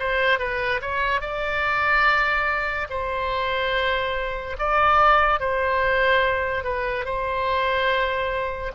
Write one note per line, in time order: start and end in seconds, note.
0.00 0.39 C5
0.39 0.81 B4
0.82 1.21 C#5
1.21 2.88 D5
2.90 4.57 C5
4.59 5.40 D5
5.40 6.64 C5
6.64 7.05 B4
7.05 8.72 C5